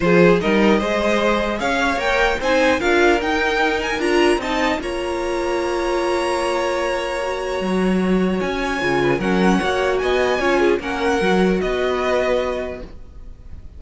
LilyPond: <<
  \new Staff \with { instrumentName = "violin" } { \time 4/4 \tempo 4 = 150 c''4 dis''2. | f''4 g''4 gis''4 f''4 | g''4. gis''8 ais''4 a''4 | ais''1~ |
ais''1~ | ais''4 gis''2 fis''4~ | fis''4 gis''2 fis''4~ | fis''4 dis''2. | }
  \new Staff \with { instrumentName = "violin" } { \time 4/4 gis'4 ais'4 c''2 | cis''2 c''4 ais'4~ | ais'2. dis''4 | cis''1~ |
cis''1~ | cis''2~ cis''8 b'8 ais'4 | cis''4 dis''4 cis''8 gis'8 ais'4~ | ais'4 b'2. | }
  \new Staff \with { instrumentName = "viola" } { \time 4/4 f'4 dis'4 gis'2~ | gis'4 ais'4 dis'4 f'4 | dis'2 f'4 dis'4 | f'1~ |
f'2 fis'2~ | fis'2 f'4 cis'4 | fis'2 f'4 cis'4 | fis'1 | }
  \new Staff \with { instrumentName = "cello" } { \time 4/4 f4 g4 gis2 | cis'4 ais4 c'4 d'4 | dis'2 d'4 c'4 | ais1~ |
ais2. fis4~ | fis4 cis'4 cis4 fis4 | ais4 b4 cis'4 ais4 | fis4 b2. | }
>>